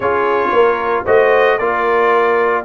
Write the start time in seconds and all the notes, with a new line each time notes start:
0.00 C#4 F4 G#4 C#5
0.52 A#3 A#4
1.04 A3 F#4 C5 D#5
1.58 A#3 F4 A#4 D5